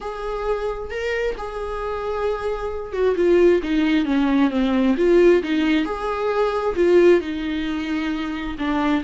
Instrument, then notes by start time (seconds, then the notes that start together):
viola
0.00 G#4
0.90 A#4
1.37 G#4
2.92 F#4
3.16 F4
3.63 D#4
4.05 C#4
4.50 C4
4.97 F4
5.43 D#4
5.85 G#4
6.75 F4
7.21 D#4
8.58 D4